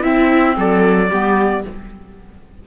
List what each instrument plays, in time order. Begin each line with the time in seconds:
0.00 clarinet C4, cello C4, viola E4, trumpet E5
0.56 cello F#3, viola A4, trumpet D5
1.09 cello G3, clarinet B3, viola G4